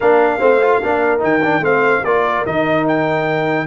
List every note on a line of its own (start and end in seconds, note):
0.00 0.40 A#3
0.00 0.40 D4
0.00 0.38 A#4
0.00 1.21 F5
0.38 0.81 A3
0.38 0.60 C4
0.38 0.79 C5
0.61 0.82 F4
0.82 1.23 A#3
0.82 1.19 D4
0.82 1.63 A#4
1.19 1.60 D#3
1.19 1.39 D#4
1.19 1.64 G5
1.43 1.62 D4
1.60 2.00 A3
1.60 2.02 C4
1.60 2.04 C5
1.60 2.04 F5
2.04 2.45 A#3
2.04 2.46 F4
2.04 3.66 A#4
2.04 2.45 D5
2.46 3.66 D#3
2.46 3.66 D#4
2.46 2.86 D#5
2.87 3.66 G5